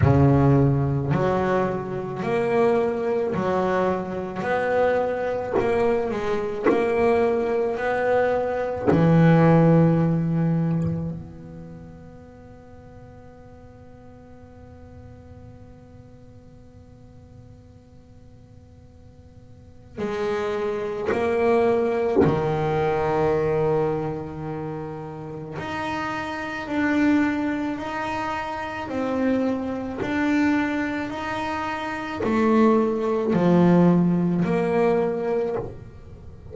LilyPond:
\new Staff \with { instrumentName = "double bass" } { \time 4/4 \tempo 4 = 54 cis4 fis4 ais4 fis4 | b4 ais8 gis8 ais4 b4 | e2 b2~ | b1~ |
b2 gis4 ais4 | dis2. dis'4 | d'4 dis'4 c'4 d'4 | dis'4 a4 f4 ais4 | }